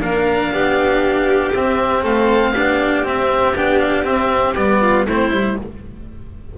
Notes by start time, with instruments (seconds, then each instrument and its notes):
0.00 double bass A#3, cello D4, violin A#4, oboe F5
0.52 double bass B3, violin G4
1.54 cello C4, double bass C4, oboe E5
2.02 double bass A3, violin A4, oboe F5
2.54 double bass B3, cello D4, violin G4
3.04 cello C4, double bass C4, oboe E5
3.56 double bass B3, cello D4, oboe G5
3.80 oboe F5
4.04 cello C4, double bass C4, oboe E5
4.55 double bass G3, cello B3, oboe D5
4.81 violin F4
5.06 double bass A3, cello C4, violin E4, oboe C5
5.31 double bass G3, cello E4